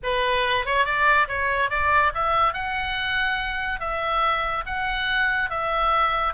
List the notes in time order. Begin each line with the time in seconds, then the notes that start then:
0.03 B4
0.65 C#5
0.85 D5
1.28 C#5
1.70 D5
2.14 E5
2.53 F#5
3.80 E5
4.66 F#5
5.49 E5